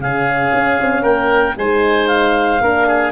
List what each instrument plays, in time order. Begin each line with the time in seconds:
0.00 tuba C#3, horn C#4, oboe G#4, clarinet F5
0.54 tuba C#4
0.81 tuba C4
1.03 tuba A#3, oboe A#4, clarinet G5
1.57 tuba G#3, horn D#4, oboe C5, clarinet G#5
2.08 clarinet F5
2.61 tuba A#3, horn D4, oboe A#4
2.88 oboe G#4